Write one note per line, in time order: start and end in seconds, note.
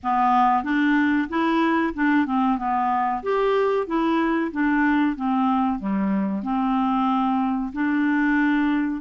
0.03 0.63 B3
0.63 1.28 D4
1.29 1.93 E4
1.94 2.26 D4
2.26 2.58 C4
2.58 3.22 B3
3.23 3.86 G4
3.86 4.51 E4
4.51 5.16 D4
5.16 5.79 C4
5.79 6.43 G3
6.43 7.72 C4
7.72 9.01 D4